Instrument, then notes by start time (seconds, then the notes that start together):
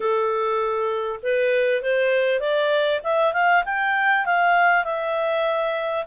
clarinet
0.00 A4
1.22 B4
1.82 C5
2.40 D5
3.03 E5
3.33 F5
3.65 G5
4.25 F5
4.84 E5